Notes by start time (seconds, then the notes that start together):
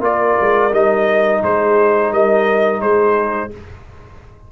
0.00 A#3 F4 A#4 D5
0.41 G#3
0.71 G3 D#4 D#5
1.43 G#3 G#4 C5
2.12 G3 A#4 D#5
2.81 G#3 G#4 C5